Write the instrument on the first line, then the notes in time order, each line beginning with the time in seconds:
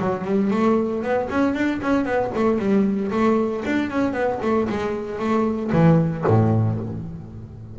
double bass
0.00 F#3
0.25 G3
0.51 A3
1.02 B3
1.30 C#4
1.54 D4
1.82 C#4
2.05 B3
2.35 A3
2.58 G3
3.11 A3
3.65 D4
3.90 C#4
4.13 B3
4.42 A3
4.70 G#3
5.19 A3
5.72 E3
6.27 A2